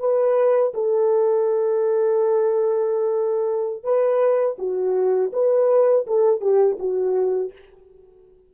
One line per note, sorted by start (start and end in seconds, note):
0.00 0.73 B4
0.74 3.83 A4
3.83 4.57 B4
4.59 5.32 F#4
5.33 6.06 B4
6.07 6.41 A4
6.41 6.77 G4
6.79 7.53 F#4